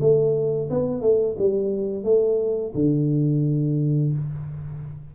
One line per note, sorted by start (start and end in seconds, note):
0.00 0.69 A3
0.70 1.02 B3
1.02 1.36 A3
1.38 2.04 G3
2.04 2.73 A3
2.75 4.13 D3